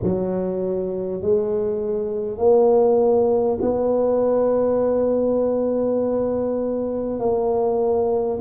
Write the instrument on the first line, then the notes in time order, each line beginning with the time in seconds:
tuba
0.03 F#3
1.21 G#3
2.38 A#3
3.61 B3
7.19 A#3